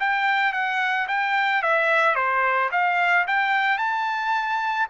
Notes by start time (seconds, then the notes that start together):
0.00 G5
0.53 F#5
1.08 G5
1.62 E5
2.15 C5
2.71 F5
3.27 G5
3.78 A5